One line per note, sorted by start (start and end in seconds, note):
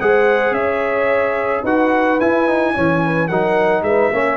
0.00 0.51 G#3
0.00 1.66 G#4
0.00 0.55 C5
0.00 0.53 F#5
0.51 1.61 C#4
0.51 1.62 C#5
0.51 1.63 E5
1.62 2.18 D#4
1.62 2.20 F#4
1.62 2.72 B4
1.62 2.20 F#5
2.20 2.75 E4
2.20 2.47 E4
2.20 3.28 G#5
2.47 2.74 D#4
2.74 3.29 E3
2.74 3.29 C#4
2.74 3.02 C#5
3.04 3.28 B4
3.28 3.82 F#3
3.28 4.13 D#4
3.28 3.83 A#4
3.28 3.83 F#5
3.82 4.09 G#3
3.82 4.12 B4
3.82 4.37 E5
4.11 4.37 A#3
4.11 4.37 C#4
4.11 4.37 C#5